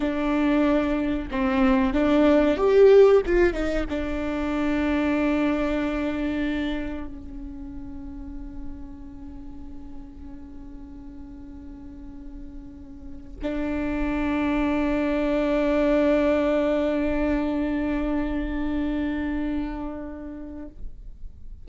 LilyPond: \new Staff \with { instrumentName = "viola" } { \time 4/4 \tempo 4 = 93 d'2 c'4 d'4 | g'4 f'8 dis'8 d'2~ | d'2. cis'4~ | cis'1~ |
cis'1~ | cis'8. d'2.~ d'16~ | d'1~ | d'1 | }